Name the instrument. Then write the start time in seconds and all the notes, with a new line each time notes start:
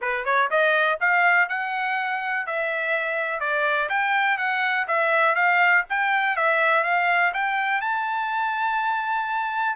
trumpet
0.01 B4
0.24 C#5
0.50 D#5
1.00 F5
1.48 F#5
2.46 E5
3.40 D5
3.89 G5
4.37 F#5
4.87 E5
5.35 F5
5.89 G5
6.36 E5
6.83 F5
7.33 G5
7.81 A5